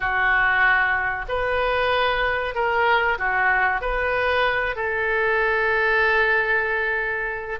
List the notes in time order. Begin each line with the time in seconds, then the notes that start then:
0.00 F#4
1.28 B4
2.54 A#4
3.18 F#4
3.81 B4
4.75 A4